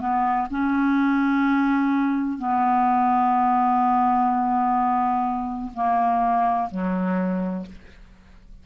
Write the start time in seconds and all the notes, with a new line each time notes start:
0.00 B3
0.51 C#4
2.39 B3
5.74 A#3
6.71 F#3